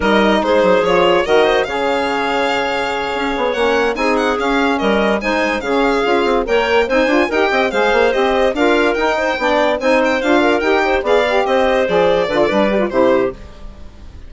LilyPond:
<<
  \new Staff \with { instrumentName = "violin" } { \time 4/4 \tempo 4 = 144 dis''4 c''4 cis''4 dis''4 | f''1~ | f''8 fis''4 gis''8 fis''8 f''4 dis''8~ | dis''8 gis''4 f''2 g''8~ |
g''8 gis''4 g''4 f''4 dis''8~ | dis''8 f''4 g''2 gis''8 | g''8 f''4 g''4 f''4 dis''8~ | dis''8 d''2~ d''8 c''4 | }
  \new Staff \with { instrumentName = "clarinet" } { \time 4/4 ais'4 gis'2 ais'8 c''8 | cis''1~ | cis''4. gis'2 ais'8~ | ais'8 c''4 gis'2 cis''8~ |
cis''8 c''4 ais'8 dis''8 c''4.~ | c''8 ais'4. c''8 d''4 c''8~ | c''4 ais'4 c''8 d''4 c''8~ | c''4. b'16 a'16 b'4 g'4 | }
  \new Staff \with { instrumentName = "saxophone" } { \time 4/4 dis'2 f'4 fis'4 | gis'1~ | gis'8 cis'4 dis'4 cis'4.~ | cis'8 dis'4 cis'4 f'4 ais'8~ |
ais'8 dis'8 f'8 g'4 gis'4 g'8~ | g'8 f'4 dis'4 d'4 dis'8~ | dis'8 f'4 g'4 gis'8 g'4~ | g'8 gis'4 f'8 d'8 g'16 f'16 e'4 | }
  \new Staff \with { instrumentName = "bassoon" } { \time 4/4 g4 gis8 fis8 f4 dis4 | cis2.~ cis8 cis'8 | b8 ais4 c'4 cis'4 g8~ | g8 gis4 cis4 cis'8 c'8 ais8~ |
ais8 c'8 d'8 dis'8 c'8 gis8 ais8 c'8~ | c'8 d'4 dis'4 b4 c'8~ | c'8 d'4 dis'4 b4 c'8~ | c'8 f4 d8 g4 c4 | }
>>